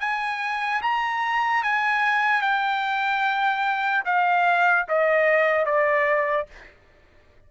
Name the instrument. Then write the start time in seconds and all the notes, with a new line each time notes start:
trumpet
0.00 G#5
0.81 A#5
1.63 G#5
2.41 G5
4.05 F5
4.88 D#5
5.65 D5